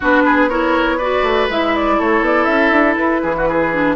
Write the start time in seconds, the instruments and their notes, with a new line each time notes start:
0.00 bassoon B3, clarinet D4, oboe F#4, flute B4
0.25 oboe G#4
0.49 clarinet E4, oboe A#4, flute C#5
0.97 clarinet F#4, oboe B4, flute D5
1.22 bassoon A3
1.49 bassoon G#3, clarinet E4, flute E5
1.76 flute D5
1.97 bassoon A3, oboe A4, flute C#5
2.20 bassoon B3, flute D5
2.44 bassoon C#4, flute E5
2.71 bassoon D4
2.96 bassoon E4, flute B4
3.22 bassoon E3, oboe G#4
3.36 oboe F#4
3.48 oboe G#4
3.72 clarinet D4